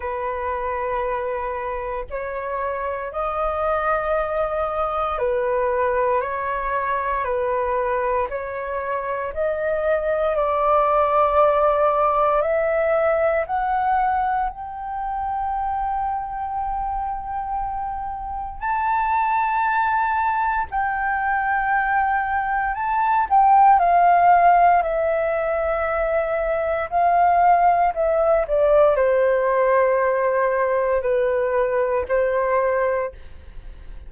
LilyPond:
\new Staff \with { instrumentName = "flute" } { \time 4/4 \tempo 4 = 58 b'2 cis''4 dis''4~ | dis''4 b'4 cis''4 b'4 | cis''4 dis''4 d''2 | e''4 fis''4 g''2~ |
g''2 a''2 | g''2 a''8 g''8 f''4 | e''2 f''4 e''8 d''8 | c''2 b'4 c''4 | }